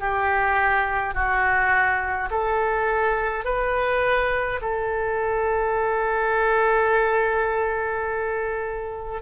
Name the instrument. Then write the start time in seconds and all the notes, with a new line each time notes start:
oboe
0.00 G4
1.14 F#4
2.31 A4
3.45 B4
4.62 A4